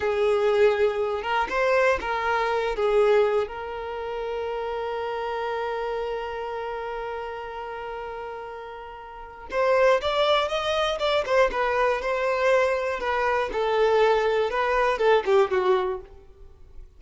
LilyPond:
\new Staff \with { instrumentName = "violin" } { \time 4/4 \tempo 4 = 120 gis'2~ gis'8 ais'8 c''4 | ais'4. gis'4. ais'4~ | ais'1~ | ais'1~ |
ais'2. c''4 | d''4 dis''4 d''8 c''8 b'4 | c''2 b'4 a'4~ | a'4 b'4 a'8 g'8 fis'4 | }